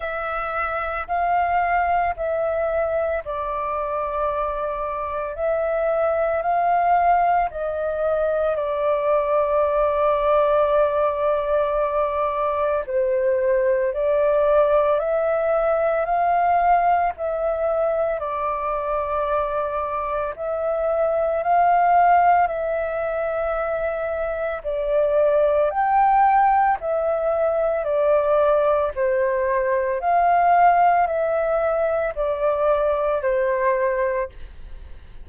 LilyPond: \new Staff \with { instrumentName = "flute" } { \time 4/4 \tempo 4 = 56 e''4 f''4 e''4 d''4~ | d''4 e''4 f''4 dis''4 | d''1 | c''4 d''4 e''4 f''4 |
e''4 d''2 e''4 | f''4 e''2 d''4 | g''4 e''4 d''4 c''4 | f''4 e''4 d''4 c''4 | }